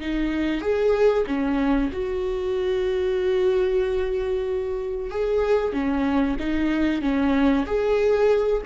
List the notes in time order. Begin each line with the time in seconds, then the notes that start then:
0.00 D#4
0.61 G#4
1.26 C#4
1.92 F#4
5.10 G#4
5.73 C#4
6.39 D#4
7.02 C#4
7.66 G#4